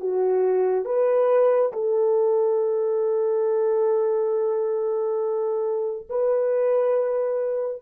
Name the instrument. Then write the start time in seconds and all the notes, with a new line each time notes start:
horn
0.00 F#4
0.85 B4
1.73 A4
6.09 B4